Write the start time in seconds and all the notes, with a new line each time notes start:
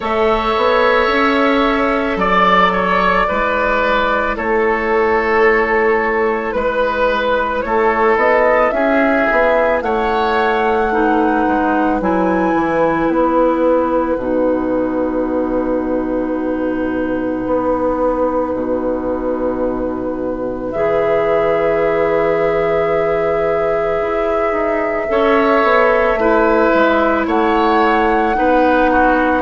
0.00 A3 A4 C#5 E5
0.57 B3
1.07 C#4
2.16 F#3 D5
2.72 C#5
3.27 G#3 E4 B4
4.36 A3 A4 C#5
6.52 G#3 B4
7.61 A3 A4 C#5
8.16 B3 D#5
8.70 C#4 G#4 E5
9.31 B3
9.82 A3 C#5 F#5
10.91 D#4 B4
11.47 G#3
12.00 F#3 E4 G#5
12.54 E3
13.08 B3 F#5
14.17 B2 D#4
17.46 B3
18.53 B2
20.71 E3 G#4 E5
24.01 E4
24.52 D#4
25.08 C#4 A4 C#5
25.63 B3
26.14 A3 E4 B4
26.74 G#3
27.26 A3 C#5 F#5
28.34 B3 D#4 B4
28.91 F#4